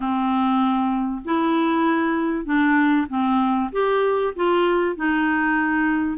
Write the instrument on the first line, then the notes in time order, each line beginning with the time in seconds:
clarinet
0.00 C4
1.24 E4
2.45 D4
3.08 C4
3.72 G4
4.35 F4
4.96 D#4